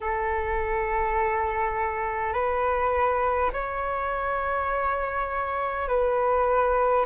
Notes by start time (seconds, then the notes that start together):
0.01 A4
2.33 B4
3.52 C#5
5.88 B4